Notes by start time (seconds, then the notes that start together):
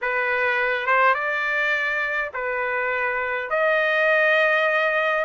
0.01 B4
0.86 C5
1.14 D5
2.33 B4
3.50 D#5